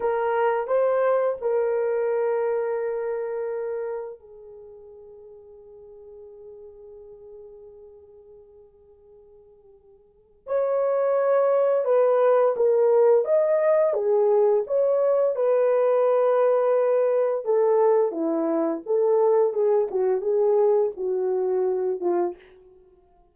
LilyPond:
\new Staff \with { instrumentName = "horn" } { \time 4/4 \tempo 4 = 86 ais'4 c''4 ais'2~ | ais'2 gis'2~ | gis'1~ | gis'2. cis''4~ |
cis''4 b'4 ais'4 dis''4 | gis'4 cis''4 b'2~ | b'4 a'4 e'4 a'4 | gis'8 fis'8 gis'4 fis'4. f'8 | }